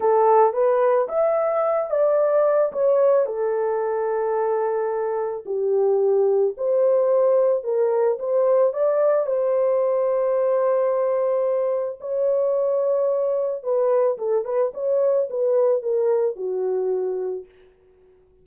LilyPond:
\new Staff \with { instrumentName = "horn" } { \time 4/4 \tempo 4 = 110 a'4 b'4 e''4. d''8~ | d''4 cis''4 a'2~ | a'2 g'2 | c''2 ais'4 c''4 |
d''4 c''2.~ | c''2 cis''2~ | cis''4 b'4 a'8 b'8 cis''4 | b'4 ais'4 fis'2 | }